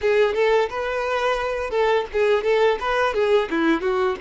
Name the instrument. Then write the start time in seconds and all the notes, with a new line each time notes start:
violin
0.01 G#4
0.34 A4
0.69 B4
1.70 A4
2.12 G#4
2.43 A4
2.79 B4
3.14 G#4
3.50 E4
3.81 F#4